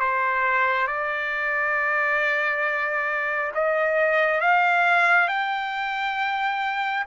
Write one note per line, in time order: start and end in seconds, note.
0.00 0.87 C5
0.87 3.52 D5
3.55 4.41 D#5
4.41 5.28 F5
5.28 7.05 G5